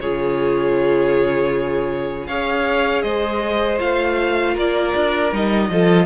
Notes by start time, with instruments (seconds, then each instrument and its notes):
0.00 cello C#3, viola F4, violin G#4 C#5
2.26 cello C#4, viola G#4, violin C#5 F5
3.02 cello G#3, violin C5 D#5
3.78 cello A3, viola F4, violin F5
4.54 cello A#3, violin A#4 D5
4.95 cello D4
5.32 cello G3, viola D#4, violin D#5
5.70 cello F3, viola F4, violin A4